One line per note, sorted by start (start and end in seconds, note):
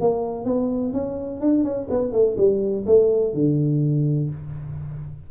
0.00 0.45 A#3
0.45 0.93 B3
0.93 1.40 C#4
1.40 1.64 D4
1.64 1.88 C#4
1.90 2.12 B3
2.12 2.36 A3
2.37 2.85 G3
2.86 3.34 A3
3.34 4.30 D3